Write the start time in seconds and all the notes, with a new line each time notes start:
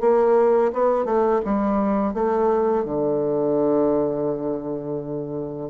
0.00 A#3
0.72 B3
1.05 A3
1.45 G3
2.13 A3
2.84 D3